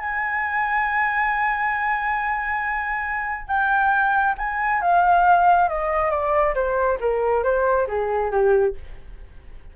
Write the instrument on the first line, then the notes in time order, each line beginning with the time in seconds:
flute
0.00 G#5
3.47 G5
4.38 G#5
4.81 F5
5.69 D#5
6.11 D5
6.55 C5
7.00 A#4
7.43 C5
7.88 G#4
8.31 G4